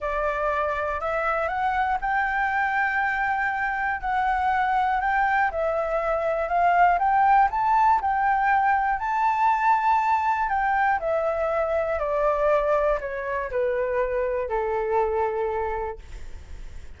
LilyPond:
\new Staff \with { instrumentName = "flute" } { \time 4/4 \tempo 4 = 120 d''2 e''4 fis''4 | g''1 | fis''2 g''4 e''4~ | e''4 f''4 g''4 a''4 |
g''2 a''2~ | a''4 g''4 e''2 | d''2 cis''4 b'4~ | b'4 a'2. | }